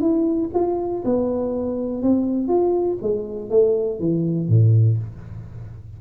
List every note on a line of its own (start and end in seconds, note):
0.00 0.50 E4
0.54 1.03 F4
1.05 2.02 B3
2.02 2.48 C4
2.48 2.98 F4
3.02 3.50 G#3
3.50 3.99 A3
4.00 4.48 E3
4.48 4.98 A2